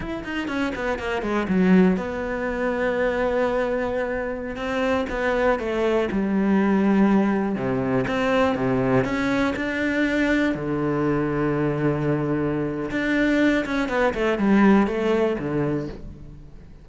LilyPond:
\new Staff \with { instrumentName = "cello" } { \time 4/4 \tempo 4 = 121 e'8 dis'8 cis'8 b8 ais8 gis8 fis4 | b1~ | b4~ b16 c'4 b4 a8.~ | a16 g2. c8.~ |
c16 c'4 c4 cis'4 d'8.~ | d'4~ d'16 d2~ d8.~ | d2 d'4. cis'8 | b8 a8 g4 a4 d4 | }